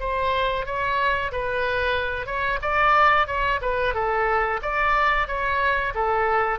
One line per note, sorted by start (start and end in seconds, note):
0.00 0.66 C5
0.66 1.32 C#5
1.32 2.26 B4
2.26 2.59 C#5
2.62 3.27 D5
3.27 3.60 C#5
3.61 3.94 B4
3.94 4.60 A4
4.62 5.27 D5
5.27 5.93 C#5
5.94 6.59 A4